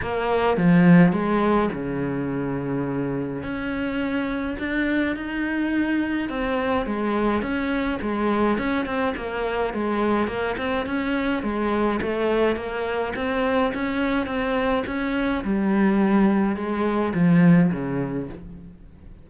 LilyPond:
\new Staff \with { instrumentName = "cello" } { \time 4/4 \tempo 4 = 105 ais4 f4 gis4 cis4~ | cis2 cis'2 | d'4 dis'2 c'4 | gis4 cis'4 gis4 cis'8 c'8 |
ais4 gis4 ais8 c'8 cis'4 | gis4 a4 ais4 c'4 | cis'4 c'4 cis'4 g4~ | g4 gis4 f4 cis4 | }